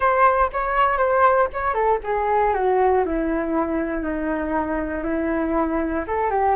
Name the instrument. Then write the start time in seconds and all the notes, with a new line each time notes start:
flute
0.00 C5
0.52 C#5
0.97 C5
1.53 C#5
1.73 A4
2.03 G#4
2.53 F#4
3.05 E4
4.02 D#4
5.03 E4
6.07 A4
6.30 G4